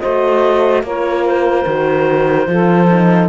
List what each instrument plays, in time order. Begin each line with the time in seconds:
0.00 cello A3, horn F#4, saxophone C5, clarinet D#5
0.83 cello A#3, horn F4, saxophone A#4, clarinet C#5
1.26 clarinet C5
1.66 cello D#3, horn F#4
2.47 cello F3, horn F4, saxophone A4
2.91 horn D#4